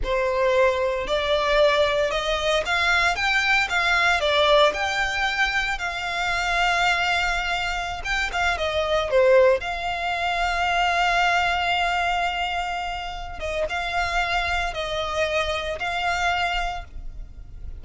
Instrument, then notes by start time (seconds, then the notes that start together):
violin
0.03 C5
1.07 D5
2.11 D#5
2.65 F5
3.15 G5
3.69 F5
4.20 D5
4.73 G5
5.78 F5
8.04 G5
8.32 F5
8.57 D#5
9.10 C5
9.60 F5
13.39 D#5
13.69 F5
14.73 D#5
15.79 F5